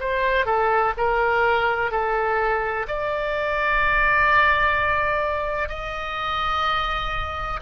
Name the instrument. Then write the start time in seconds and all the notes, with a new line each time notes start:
oboe
0.00 C5
0.46 A4
0.97 A#4
1.91 A4
2.87 D5
5.69 D#5